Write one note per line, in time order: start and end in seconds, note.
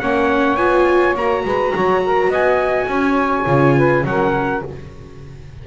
0.00 0.57 A#3
0.00 0.58 C#4
0.00 1.45 C#5
0.00 0.57 F#5
0.57 1.15 B3
0.57 1.16 F4
0.57 1.14 G#5
1.15 1.44 A#3
1.15 3.46 F#4
1.15 2.33 A#5
1.45 1.74 G#3
1.45 1.74 B4
1.74 2.29 F#3
1.74 2.03 C#5
2.05 2.30 A#4
2.29 2.87 B3
2.29 2.87 D#5
2.29 4.06 G#5
2.88 3.46 C#4
2.88 3.76 C#5
3.46 4.04 C#3
3.46 4.04 F4
3.77 4.06 B4
4.05 4.62 F#3
4.05 4.64 C#4
4.05 4.68 A#4
4.05 4.64 F#5